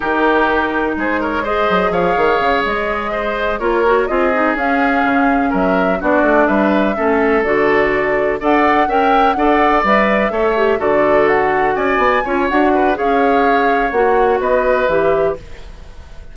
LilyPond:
<<
  \new Staff \with { instrumentName = "flute" } { \time 4/4 \tempo 4 = 125 ais'2 c''8 cis''8 dis''4 | f''4. dis''2 cis''8~ | cis''8 dis''4 f''2 e''8~ | e''8 d''4 e''2 d''8~ |
d''4. fis''4 g''4 fis''8~ | fis''8 e''2 d''4 fis''8~ | fis''8 gis''4. fis''4 f''4~ | f''4 fis''4 dis''4 e''4 | }
  \new Staff \with { instrumentName = "oboe" } { \time 4/4 g'2 gis'8 ais'8 c''4 | cis''2~ cis''8 c''4 ais'8~ | ais'8 gis'2. ais'8~ | ais'8 fis'4 b'4 a'4.~ |
a'4. d''4 e''4 d''8~ | d''4. cis''4 a'4.~ | a'8 d''4 cis''4 b'8 cis''4~ | cis''2 b'2 | }
  \new Staff \with { instrumentName = "clarinet" } { \time 4/4 dis'2. gis'4~ | gis'2.~ gis'8 f'8 | fis'8 f'8 dis'8 cis'2~ cis'8~ | cis'8 d'2 cis'4 fis'8~ |
fis'4. a'4 ais'4 a'8~ | a'8 b'4 a'8 g'8 fis'4.~ | fis'4. f'8 fis'4 gis'4~ | gis'4 fis'2 g'4 | }
  \new Staff \with { instrumentName = "bassoon" } { \time 4/4 dis2 gis4. fis8 | f8 dis8 cis8 gis2 ais8~ | ais8 c'4 cis'4 cis4 fis8~ | fis8 b8 a8 g4 a4 d8~ |
d4. d'4 cis'4 d'8~ | d'8 g4 a4 d4.~ | d8 cis'8 b8 cis'8 d'4 cis'4~ | cis'4 ais4 b4 e4 | }
>>